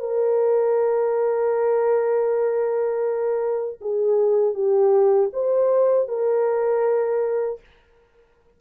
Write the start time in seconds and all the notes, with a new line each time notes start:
0.00 A#4
3.81 G#4
4.54 G4
5.33 C5
6.08 A#4